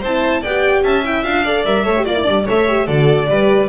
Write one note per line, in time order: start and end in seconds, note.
0.00 0.44 C4
0.00 0.46 E4
0.00 0.41 C5
0.00 0.43 A5
0.41 0.83 B3
0.41 1.04 G4
0.41 0.82 D5
0.41 0.84 G5
0.83 1.24 C#4
0.83 1.44 E5
0.83 1.05 A5
1.04 1.24 E4
1.04 1.24 G5
1.24 1.65 D4
1.24 1.45 F4
1.24 1.64 F5
1.44 1.66 A4
1.44 1.84 D5
1.65 1.86 G3
1.65 1.85 A#4
1.65 2.05 E5
1.84 2.06 A3
1.84 1.95 A4
1.84 2.05 C#5
1.96 2.06 G4
2.05 2.27 A#3
2.05 2.15 F4
2.05 2.46 D5
2.15 2.24 E4
2.24 2.48 G3
2.24 2.45 D4
2.46 2.88 A3
2.46 2.68 A4
2.46 2.86 C#5
2.46 2.87 E5
2.68 2.87 G4
2.86 3.28 D3
2.86 3.28 F#4
2.86 3.27 A4
2.86 3.69 D5
3.29 3.69 G3
3.29 3.69 G4
3.29 3.69 B4